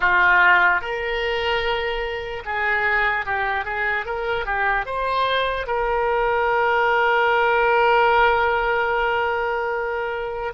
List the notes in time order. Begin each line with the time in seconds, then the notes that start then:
0.00 F4
0.81 A#4
2.45 G#4
3.25 G4
3.64 G#4
4.05 A#4
4.45 G4
4.85 C5
5.66 A#4